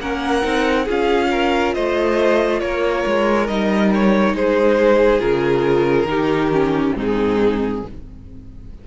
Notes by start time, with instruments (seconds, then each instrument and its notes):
0.00 cello A#3, viola C#4, violin A#4 F#5
0.42 cello C4, viola D#4
0.84 cello C#4, viola F4, violin G#4
0.90 violin F5
1.31 violin A#4
1.74 cello A3, violin C5 D#5
2.60 cello A#3, violin A#4 C#5
3.06 cello G#3
3.47 cello G3, viola D#4, violin D#5
3.94 violin C#5
4.33 cello G#3, violin G#4 C5
5.19 cello C#3, viola F4, violin A#4
6.05 cello D#3, viola D#4, violin G4
6.52 viola C#4
6.95 cello G#2, viola C4, violin D#4 G#4